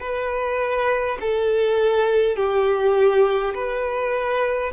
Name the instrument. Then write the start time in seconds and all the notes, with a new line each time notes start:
violin
0.00 B4
1.20 A4
2.36 G4
3.55 B4